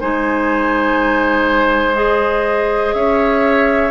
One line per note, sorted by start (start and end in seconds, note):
0.00 2.93 G#3
0.00 1.94 D#4
0.00 2.95 C5
0.00 1.97 G#5
1.94 3.90 G#4
1.94 2.94 D#5
2.93 3.90 C#4
2.93 3.90 C#5
2.93 3.90 E5